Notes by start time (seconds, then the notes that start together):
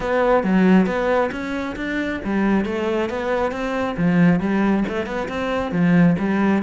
0.00 B3
0.43 F#3
0.86 B3
1.31 C#4
1.76 D4
2.24 G3
2.65 A3
3.09 B3
3.51 C4
3.97 F3
4.40 G3
4.88 A3
5.06 B3
5.28 C4
5.71 F3
6.18 G3